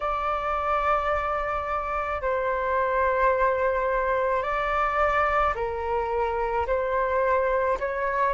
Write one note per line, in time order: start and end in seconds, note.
0.00 2.21 D5
2.21 4.42 C5
4.42 5.54 D5
5.55 6.66 A#4
6.67 7.78 C5
7.79 8.33 C#5